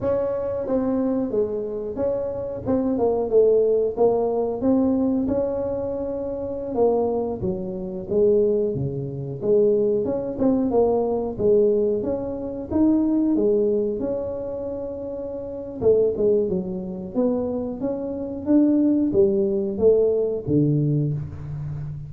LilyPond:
\new Staff \with { instrumentName = "tuba" } { \time 4/4 \tempo 4 = 91 cis'4 c'4 gis4 cis'4 | c'8 ais8 a4 ais4 c'4 | cis'2~ cis'16 ais4 fis8.~ | fis16 gis4 cis4 gis4 cis'8 c'16~ |
c'16 ais4 gis4 cis'4 dis'8.~ | dis'16 gis4 cis'2~ cis'8. | a8 gis8 fis4 b4 cis'4 | d'4 g4 a4 d4 | }